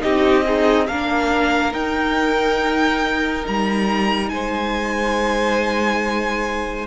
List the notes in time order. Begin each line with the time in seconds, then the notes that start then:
0.00 C4 D#4 G4 D#5
0.44 D#4 G#4
0.87 A#3 D4 A#4 F5
1.71 D#4 G5
3.47 G3 A#5
4.29 G#3 C5 G#5